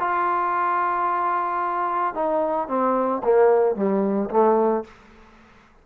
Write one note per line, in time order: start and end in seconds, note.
0.00 2.15 F4
2.15 2.68 D#4
2.68 3.22 C4
3.24 3.76 A#3
3.76 4.30 G3
4.30 4.84 A3